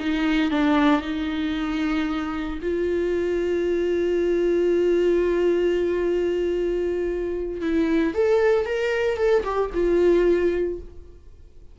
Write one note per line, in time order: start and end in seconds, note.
0.00 0.51 D#4
0.51 1.02 D4
1.02 2.60 D#4
2.62 7.61 F4
7.61 8.14 E4
8.14 8.66 A4
8.66 9.18 A#4
9.18 9.44 A4
9.45 9.71 G4
9.74 10.80 F4